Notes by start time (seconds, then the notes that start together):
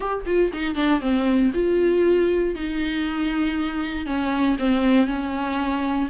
0.00 G4
0.26 F4
0.53 D#4
0.75 D4
1.00 C4
1.54 F4
2.55 D#4
4.06 C#4
4.59 C4
5.07 C#4